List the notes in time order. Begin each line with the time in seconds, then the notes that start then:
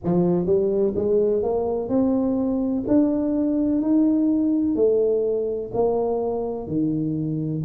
0.04 F3
0.45 G3
0.95 G#3
1.42 A#3
1.88 C4
2.87 D4
3.81 D#4
4.75 A3
5.73 A#3
6.67 D#3